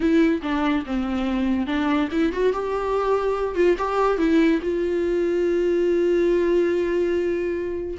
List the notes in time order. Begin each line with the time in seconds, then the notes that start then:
0.00 E4
0.42 D4
0.85 C4
1.66 D4
2.11 E4
2.32 F#4
2.53 G4
3.55 F4
3.78 G4
4.17 E4
4.62 F4